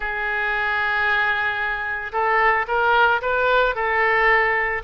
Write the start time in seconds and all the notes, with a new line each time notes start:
0.00 G#4
2.12 A4
2.67 A#4
3.21 B4
3.75 A4